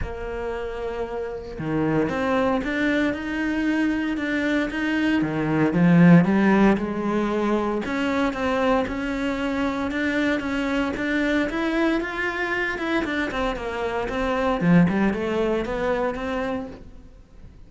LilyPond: \new Staff \with { instrumentName = "cello" } { \time 4/4 \tempo 4 = 115 ais2. dis4 | c'4 d'4 dis'2 | d'4 dis'4 dis4 f4 | g4 gis2 cis'4 |
c'4 cis'2 d'4 | cis'4 d'4 e'4 f'4~ | f'8 e'8 d'8 c'8 ais4 c'4 | f8 g8 a4 b4 c'4 | }